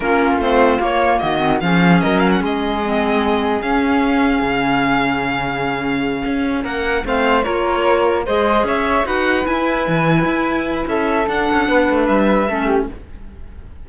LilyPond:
<<
  \new Staff \with { instrumentName = "violin" } { \time 4/4 \tempo 4 = 149 ais'4 c''4 cis''4 dis''4 | f''4 dis''8 f''16 fis''16 dis''2~ | dis''4 f''2.~ | f''1~ |
f''8 fis''4 f''4 cis''4.~ | cis''8 dis''4 e''4 fis''4 gis''8~ | gis''2. e''4 | fis''2 e''2 | }
  \new Staff \with { instrumentName = "flute" } { \time 4/4 f'2. fis'4 | gis'4 ais'4 gis'2~ | gis'1~ | gis'1~ |
gis'8 ais'4 c''4 ais'4.~ | ais'8 c''4 cis''4 b'4.~ | b'2. a'4~ | a'4 b'2 a'8 g'8 | }
  \new Staff \with { instrumentName = "clarinet" } { \time 4/4 cis'4 c'4 ais4. c'8 | cis'2. c'4~ | c'4 cis'2.~ | cis'1~ |
cis'4. c'4 f'4.~ | f'8 gis'2 fis'4 e'8~ | e'1 | d'2. cis'4 | }
  \new Staff \with { instrumentName = "cello" } { \time 4/4 ais4 a4 ais4 dis4 | f4 fis4 gis2~ | gis4 cis'2 cis4~ | cis2.~ cis8 cis'8~ |
cis'8 ais4 a4 ais4.~ | ais8 gis4 cis'4 dis'4 e'8~ | e'8 e4 e'4. cis'4 | d'8 cis'8 b8 a8 g4 a4 | }
>>